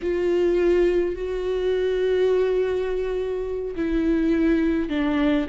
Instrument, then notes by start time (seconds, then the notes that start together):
viola
0.02 F4
1.15 F#4
3.75 E4
4.89 D4